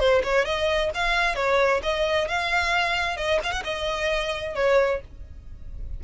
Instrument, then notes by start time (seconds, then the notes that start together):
violin
0.00 C5
0.24 C#5
0.46 D#5
0.95 F5
1.36 C#5
1.83 D#5
2.29 F5
3.17 D#5
3.44 F5
3.52 F#5
3.65 D#5
4.56 C#5